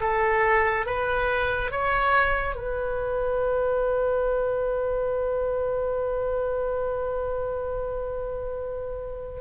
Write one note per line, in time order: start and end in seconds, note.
0.00 0.86 A4
0.86 1.71 B4
1.71 2.55 C#5
2.55 9.41 B4